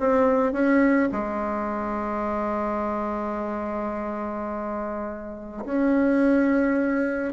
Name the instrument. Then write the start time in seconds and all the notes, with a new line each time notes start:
bassoon
0.00 C4
0.53 C#4
1.12 G#3
5.65 C#4